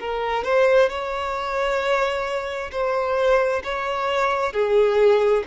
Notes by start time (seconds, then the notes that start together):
0.00 A#4
0.44 C5
0.89 C#5
2.71 C5
3.63 C#5
4.52 G#4